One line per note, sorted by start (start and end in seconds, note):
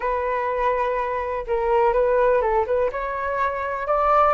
0.00 1.45 B4
1.47 1.93 A#4
1.93 2.41 B4
2.41 2.65 A4
2.66 2.90 B4
2.91 3.87 C#5
3.87 4.34 D5